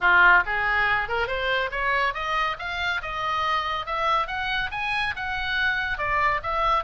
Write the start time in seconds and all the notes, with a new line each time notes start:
0.01 F4
0.45 G#4
1.08 A#4
1.27 C5
1.71 C#5
2.14 D#5
2.59 F5
3.02 D#5
3.86 E5
4.27 F#5
4.71 G#5
5.15 F#5
5.97 D5
6.42 E5